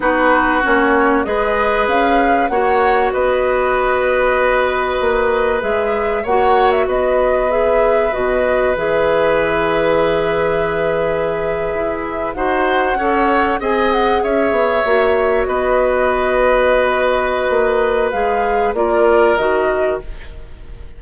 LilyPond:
<<
  \new Staff \with { instrumentName = "flute" } { \time 4/4 \tempo 4 = 96 b'4 cis''4 dis''4 f''4 | fis''4 dis''2.~ | dis''4 e''4 fis''8. e''16 dis''4 | e''4 dis''4 e''2~ |
e''2.~ e''8. fis''16~ | fis''4.~ fis''16 gis''8 fis''8 e''4~ e''16~ | e''8. dis''2.~ dis''16~ | dis''4 f''4 d''4 dis''4 | }
  \new Staff \with { instrumentName = "oboe" } { \time 4/4 fis'2 b'2 | cis''4 b'2.~ | b'2 cis''4 b'4~ | b'1~ |
b'2.~ b'8. c''16~ | c''8. cis''4 dis''4 cis''4~ cis''16~ | cis''8. b'2.~ b'16~ | b'2 ais'2 | }
  \new Staff \with { instrumentName = "clarinet" } { \time 4/4 dis'4 cis'4 gis'2 | fis'1~ | fis'4 gis'4 fis'2 | gis'4 fis'4 gis'2~ |
gis'2.~ gis'8. fis'16~ | fis'8. a'4 gis'2 fis'16~ | fis'1~ | fis'4 gis'4 f'4 fis'4 | }
  \new Staff \with { instrumentName = "bassoon" } { \time 4/4 b4 ais4 gis4 cis'4 | ais4 b2. | ais4 gis4 ais4 b4~ | b4 b,4 e2~ |
e2~ e8. e'4 dis'16~ | dis'8. cis'4 c'4 cis'8 b8 ais16~ | ais8. b2.~ b16 | ais4 gis4 ais4 dis4 | }
>>